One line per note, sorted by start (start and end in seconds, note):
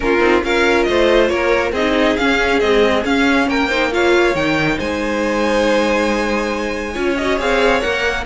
0.00 0.20 A#3
0.00 0.19 C#4
0.00 0.44 F4
0.00 0.43 A#4
0.19 0.42 C4
0.19 0.41 D#4
0.43 0.87 C#4
0.43 1.73 F4
0.43 0.88 A#4
0.43 0.83 F5
0.83 1.30 A3
0.83 1.31 C5
0.83 1.26 D#5
1.28 1.72 A#3
1.28 1.72 A#4
1.28 1.71 C#5
1.72 2.15 C4
1.72 2.19 D#4
1.72 3.46 G#4
1.72 2.16 D#5
2.16 2.62 C#4
2.16 2.61 C#4
2.16 2.59 F5
2.59 3.04 G#3
2.59 3.04 C4
2.59 3.03 D#5
3.04 3.69 C#4
3.04 3.47 C#4
3.04 3.49 F5
3.47 4.34 A#3
3.47 3.68 A#4
3.47 3.92 G5
3.68 3.91 D#4
3.68 3.90 C5
3.91 4.35 F4
3.91 4.77 C#5
3.91 4.35 F5
4.34 4.78 D#3
4.34 6.94 D#4
4.34 4.79 G5
4.77 6.95 G#3
4.77 6.93 C5
4.77 7.16 G#5
6.93 7.39 C#4
6.93 7.16 F4
6.93 8.23 C#5
7.16 7.38 F#4
7.16 7.38 D#5
7.38 7.82 C4
7.38 7.81 G#4
7.38 7.81 F5
7.81 8.25 A#3
7.81 8.24 A#4
7.81 8.24 F#5